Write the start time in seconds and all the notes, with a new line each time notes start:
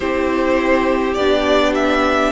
0.00 C4 E4 G4 C5
1.14 B3 D4 D5
1.74 E5